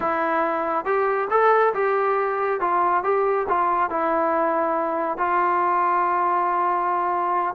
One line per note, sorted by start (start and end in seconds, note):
0.00 0.85 E4
0.85 1.28 G4
1.30 1.73 A4
1.73 2.60 G4
2.60 3.03 F4
3.03 3.46 G4
3.48 3.90 F4
3.90 5.17 E4
5.17 7.55 F4